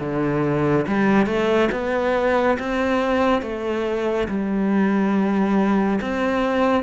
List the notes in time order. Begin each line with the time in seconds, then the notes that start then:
0.00 D3
0.88 G3
1.26 A3
1.72 B3
2.59 C4
3.42 A3
4.28 G3
6.01 C4